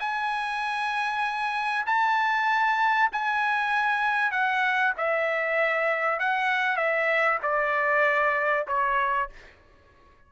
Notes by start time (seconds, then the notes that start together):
0.00 G#5
1.86 A5
3.12 G#5
4.31 F#5
4.98 E5
6.20 F#5
6.77 E5
7.43 D5
8.68 C#5